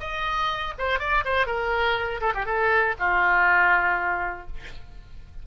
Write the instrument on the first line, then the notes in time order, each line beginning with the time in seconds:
oboe
0.00 D#5
0.78 C5
0.99 D5
1.25 C5
1.47 A#4
2.21 A4
2.34 G4
2.46 A4
2.99 F4